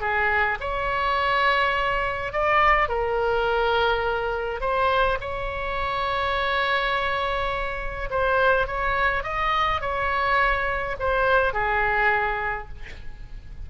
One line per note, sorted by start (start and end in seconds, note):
0.00 0.58 G#4
0.60 2.32 C#5
2.32 2.88 D5
2.88 4.60 A#4
4.60 5.18 C5
5.21 8.09 C#5
8.10 8.67 C5
8.67 9.23 C#5
9.23 9.81 D#5
9.81 10.96 C#5
10.99 11.53 C5
11.53 12.68 G#4